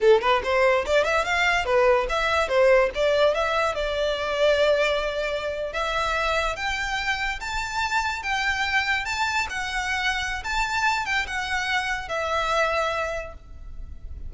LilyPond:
\new Staff \with { instrumentName = "violin" } { \time 4/4 \tempo 4 = 144 a'8 b'8 c''4 d''8 e''8 f''4 | b'4 e''4 c''4 d''4 | e''4 d''2.~ | d''4.~ d''16 e''2 g''16~ |
g''4.~ g''16 a''2 g''16~ | g''4.~ g''16 a''4 fis''4~ fis''16~ | fis''4 a''4. g''8 fis''4~ | fis''4 e''2. | }